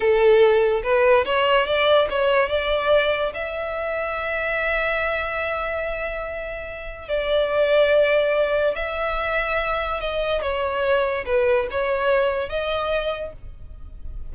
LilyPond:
\new Staff \with { instrumentName = "violin" } { \time 4/4 \tempo 4 = 144 a'2 b'4 cis''4 | d''4 cis''4 d''2 | e''1~ | e''1~ |
e''4 d''2.~ | d''4 e''2. | dis''4 cis''2 b'4 | cis''2 dis''2 | }